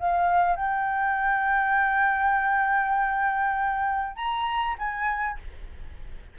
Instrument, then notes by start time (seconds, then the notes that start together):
flute
0.00 F5
0.56 G5
4.16 A#5
4.79 G#5